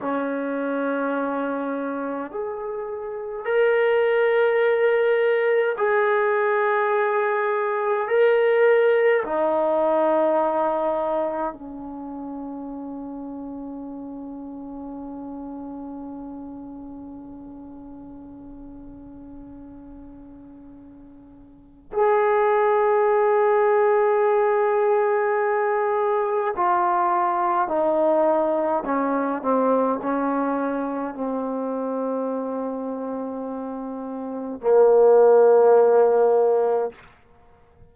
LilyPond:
\new Staff \with { instrumentName = "trombone" } { \time 4/4 \tempo 4 = 52 cis'2 gis'4 ais'4~ | ais'4 gis'2 ais'4 | dis'2 cis'2~ | cis'1~ |
cis'2. gis'4~ | gis'2. f'4 | dis'4 cis'8 c'8 cis'4 c'4~ | c'2 ais2 | }